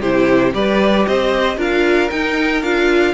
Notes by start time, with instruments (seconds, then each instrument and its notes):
0.00 cello C3, viola E4, violin G4 C5
0.53 cello G3, viola G4, violin B4 D5
1.06 cello C4, violin C5 D#5
1.57 cello D4, viola F4, violin A#4 F5
2.10 cello D#4, viola D#4, violin G5
2.62 cello D4, viola F4, violin F5